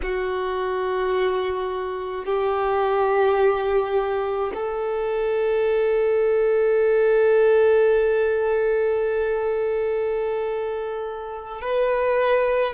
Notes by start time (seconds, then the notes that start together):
0.02 F#4
2.25 G4
4.53 A4
11.61 B4